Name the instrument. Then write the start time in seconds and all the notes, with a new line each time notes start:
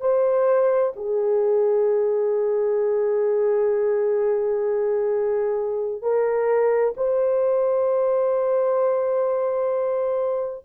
horn
0.00 C5
0.96 G#4
6.02 A#4
6.97 C5